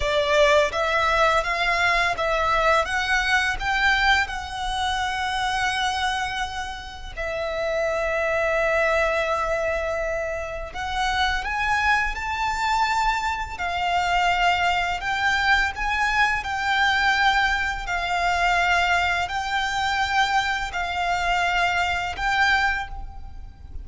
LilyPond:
\new Staff \with { instrumentName = "violin" } { \time 4/4 \tempo 4 = 84 d''4 e''4 f''4 e''4 | fis''4 g''4 fis''2~ | fis''2 e''2~ | e''2. fis''4 |
gis''4 a''2 f''4~ | f''4 g''4 gis''4 g''4~ | g''4 f''2 g''4~ | g''4 f''2 g''4 | }